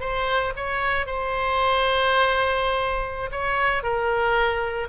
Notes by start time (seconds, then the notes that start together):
0.00 C5
0.56 C#5
1.06 C5
3.31 C#5
3.83 A#4